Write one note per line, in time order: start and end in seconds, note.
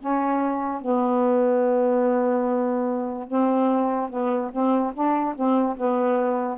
0.00 0.81 C#4
0.81 3.28 B3
3.28 4.10 C4
4.10 4.51 B3
4.52 4.94 C4
4.94 5.35 D4
5.36 5.77 C4
5.77 6.58 B3